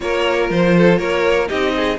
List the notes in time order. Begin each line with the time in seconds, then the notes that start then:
0.00 A#3 F4 A#4 C#5
0.49 F3 C5
0.77 A4
0.98 A#3 A#4 C#5
1.47 C4 D#4 G4 D#5
1.76 G#4